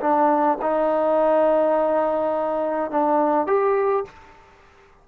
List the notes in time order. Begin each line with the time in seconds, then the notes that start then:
0.00 D4
0.61 D#4
2.91 D4
3.47 G4